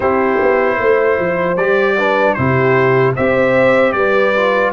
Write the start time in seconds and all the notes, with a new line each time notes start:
0.00 C4 E4 G4 C5
0.41 B3
0.78 A3 C5
1.18 F3
1.56 G3 G4 D5
1.97 D4 B4
2.33 C3 E4 G4 C5
3.15 C4 G4 C5 E5
3.92 G3 B4 D5
4.36 F4